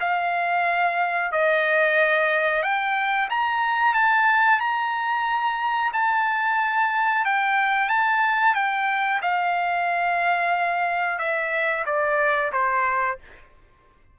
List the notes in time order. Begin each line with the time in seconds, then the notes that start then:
0.00 F5
1.32 D#5
2.63 G5
3.30 A#5
3.94 A5
4.60 A#5
5.93 A5
7.25 G5
7.89 A5
8.54 G5
9.22 F5
11.18 E5
11.86 D5
12.52 C5